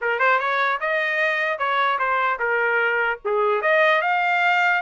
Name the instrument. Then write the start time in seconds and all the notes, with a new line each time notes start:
trumpet
0.01 A#4
0.19 C5
0.39 C#5
0.80 D#5
1.58 C#5
1.98 C5
2.39 A#4
3.24 G#4
3.61 D#5
4.01 F5